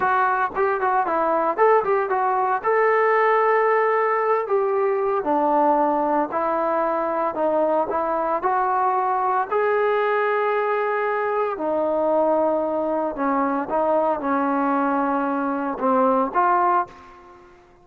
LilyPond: \new Staff \with { instrumentName = "trombone" } { \time 4/4 \tempo 4 = 114 fis'4 g'8 fis'8 e'4 a'8 g'8 | fis'4 a'2.~ | a'8 g'4. d'2 | e'2 dis'4 e'4 |
fis'2 gis'2~ | gis'2 dis'2~ | dis'4 cis'4 dis'4 cis'4~ | cis'2 c'4 f'4 | }